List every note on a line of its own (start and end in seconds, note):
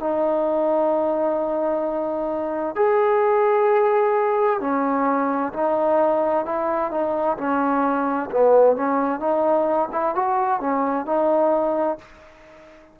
0.00 2.76 D#4
2.76 4.61 G#4
4.61 5.53 C#4
5.53 6.46 D#4
6.46 6.91 E4
6.91 7.38 D#4
7.38 8.30 C#4
8.32 8.77 B3
8.77 9.20 C#4
9.20 9.89 D#4
9.92 10.15 E4
10.15 10.61 F#4
10.61 11.06 C#4
11.06 11.98 D#4